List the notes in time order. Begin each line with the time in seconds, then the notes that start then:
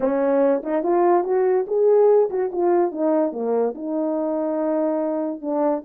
0.00 C#4
0.63 D#4
0.83 F4
1.23 F#4
1.67 G#4
2.30 F#4
2.52 F4
2.91 D#4
3.32 A#3
3.74 D#4
5.41 D4